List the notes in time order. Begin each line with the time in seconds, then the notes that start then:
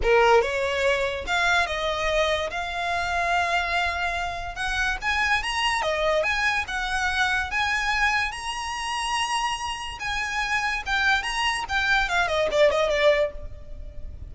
0.02 A#4
0.41 C#5
1.26 F5
1.66 D#5
2.50 F5
4.55 F#5
5.01 G#5
5.42 A#5
5.81 D#5
6.23 G#5
6.67 F#5
7.50 G#5
8.31 A#5
9.99 G#5
10.85 G5
11.22 A#5
11.69 G5
12.09 F5
12.27 D#5
12.51 D5
12.71 D#5
12.89 D5